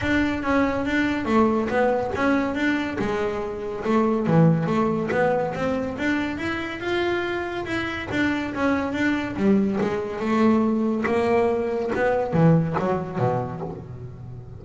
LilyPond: \new Staff \with { instrumentName = "double bass" } { \time 4/4 \tempo 4 = 141 d'4 cis'4 d'4 a4 | b4 cis'4 d'4 gis4~ | gis4 a4 e4 a4 | b4 c'4 d'4 e'4 |
f'2 e'4 d'4 | cis'4 d'4 g4 gis4 | a2 ais2 | b4 e4 fis4 b,4 | }